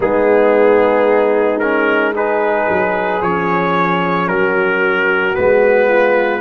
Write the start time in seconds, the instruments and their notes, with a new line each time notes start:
0.00 tuba G#3, trombone B3, horn D#4, trumpet G#4
1.59 trombone C#4, trumpet A#4
2.14 trombone D#4, horn G#4, trumpet B4
2.68 tuba F#3
3.22 tuba F3, trombone C#4, trumpet C#5
4.27 tuba F#3, horn F#4, trumpet A#4
5.33 tuba G#3, trombone B3, trumpet B4
5.87 horn F4